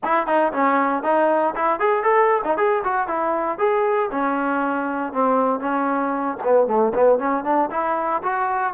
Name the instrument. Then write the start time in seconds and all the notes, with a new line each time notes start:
trombone
0.04 E4
0.26 D#4
0.52 C#4
1.03 D#4
1.55 E4
1.79 G#4
2.03 A4
2.44 D#4
2.57 G#4
2.84 F#4
3.07 E4
3.58 G#4
4.11 C#4
5.12 C4
5.60 C#4
6.43 B3
6.67 A3
6.94 B3
7.18 C#4
7.44 D4
7.70 E4
8.22 F#4